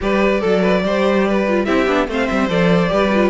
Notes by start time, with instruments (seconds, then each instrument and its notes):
0.00 cello G3, viola G4, violin B4 D5
0.41 cello F#3, violin A4, viola A4
0.61 violin B4
0.83 cello G3, viola G4, violin C5
1.27 violin B4
1.48 viola F4
1.65 cello C4, viola E4, violin G4 E5
1.86 cello B3, viola D4
2.07 cello A3, viola C4, violin C5 F5
2.26 cello G3, violin E5
2.49 cello F3, viola A4, violin D5
2.88 cello G3, viola G4, violin B4
3.14 viola F4